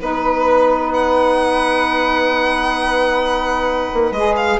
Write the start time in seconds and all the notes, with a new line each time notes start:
0.00 B3 D#4 B4
0.93 F#5
3.94 A#3
4.11 G#3 G#4 D#5
4.36 F5